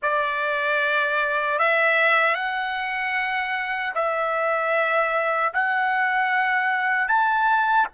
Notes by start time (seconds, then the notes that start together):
0.02 D5
1.58 E5
2.35 F#5
3.95 E5
5.53 F#5
7.08 A5